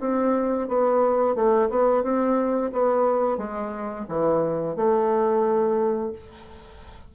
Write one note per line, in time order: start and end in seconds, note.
0.00 0.68 C4
0.68 1.35 B3
1.35 1.69 A3
1.69 2.03 B3
2.03 2.71 C4
2.72 3.37 B3
3.37 4.06 G#3
4.08 4.76 E3
4.76 6.12 A3